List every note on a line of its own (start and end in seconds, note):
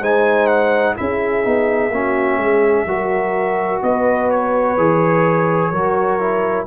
0.00 0.95 G#3
0.00 0.96 D#4
0.00 0.95 C5
0.00 0.47 G#5
0.47 0.94 F#5
0.96 1.45 C#4
0.96 1.44 E4
0.96 1.94 G#4
0.96 3.83 E5
1.44 1.89 B3
1.44 1.91 D#4
1.89 2.37 A#3
1.89 2.87 C#4
1.89 2.39 F#4
2.37 2.85 G#3
2.37 2.86 G#4
2.86 3.81 F#3
2.86 4.77 F#4
2.86 3.83 A#4
3.83 4.77 B3
3.83 5.71 B4
3.83 4.30 D#5
4.30 6.67 C#5
4.77 5.71 E3
4.77 5.73 G#4
5.71 6.67 F#3
5.71 6.20 F#4
5.71 6.66 A#4
6.20 6.67 E4